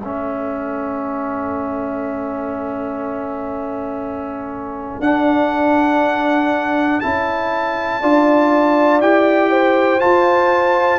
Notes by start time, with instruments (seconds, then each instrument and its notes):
0.00 tuba A3, trombone C#4, horn A4, trumpet E5
5.00 tuba D4, trombone D4, trumpet F#5
7.01 tuba C#4, trombone E4, trumpet A5
8.01 tuba D4, trombone F4, horn D5
9.00 tuba E4, trombone G4, trumpet G5
9.51 horn C5
10.00 trombone F4, tuba F4, trumpet A5